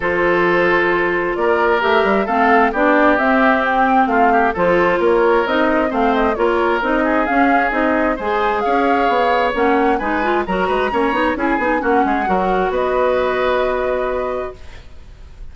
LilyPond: <<
  \new Staff \with { instrumentName = "flute" } { \time 4/4 \tempo 4 = 132 c''2. d''4 | e''4 f''4 d''4 e''4 | g''4 f''4 c''4 cis''4 | dis''4 f''8 dis''8 cis''4 dis''4 |
f''4 dis''4 gis''4 f''4~ | f''4 fis''4 gis''4 ais''4~ | ais''4 gis''4 fis''2 | dis''1 | }
  \new Staff \with { instrumentName = "oboe" } { \time 4/4 a'2. ais'4~ | ais'4 a'4 g'2~ | g'4 f'8 g'8 a'4 ais'4~ | ais'4 c''4 ais'4. gis'8~ |
gis'2 c''4 cis''4~ | cis''2 b'4 ais'8 b'8 | cis''4 gis'4 fis'8 gis'8 ais'4 | b'1 | }
  \new Staff \with { instrumentName = "clarinet" } { \time 4/4 f'1 | g'4 c'4 d'4 c'4~ | c'2 f'2 | dis'4 c'4 f'4 dis'4 |
cis'4 dis'4 gis'2~ | gis'4 cis'4 dis'8 f'8 fis'4 | cis'8 dis'8 e'8 dis'8 cis'4 fis'4~ | fis'1 | }
  \new Staff \with { instrumentName = "bassoon" } { \time 4/4 f2. ais4 | a8 g8 a4 b4 c'4~ | c'4 a4 f4 ais4 | c'4 a4 ais4 c'4 |
cis'4 c'4 gis4 cis'4 | b4 ais4 gis4 fis8 gis8 | ais8 b8 cis'8 b8 ais8 gis8 fis4 | b1 | }
>>